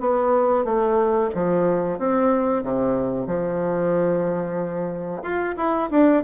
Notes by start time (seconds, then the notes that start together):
0.00 B3
0.65 A3
1.35 F3
1.99 C4
2.63 C3
3.27 F3
5.23 F4
5.57 E4
5.91 D4